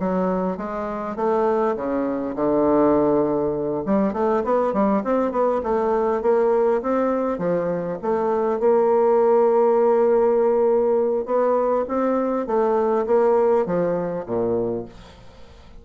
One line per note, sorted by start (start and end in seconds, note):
0.00 0.58 F#3
0.58 1.17 G#3
1.17 1.76 A3
1.76 2.36 C#3
2.36 3.85 D3
3.86 4.14 G3
4.14 4.43 A3
4.44 4.74 B3
4.74 5.03 G3
5.04 5.32 C4
5.32 5.62 B3
5.64 6.22 A3
6.22 6.82 A#3
6.83 7.39 C4
7.39 7.98 F3
8.03 8.60 A3
8.60 11.26 A#3
11.26 11.85 B3
11.88 12.47 C4
12.47 13.06 A3
13.07 13.66 A#3
13.66 14.26 F3
14.26 14.86 A#2